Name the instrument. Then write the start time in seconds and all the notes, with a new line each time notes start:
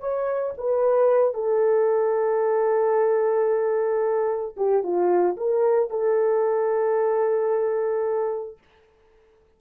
horn
0.00 C#5
0.58 B4
1.34 A4
4.57 G4
4.83 F4
5.37 A#4
5.90 A4